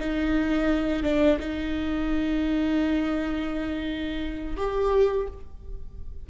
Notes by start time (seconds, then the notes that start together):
0.00 D#4
1.03 D4
1.40 D#4
4.57 G4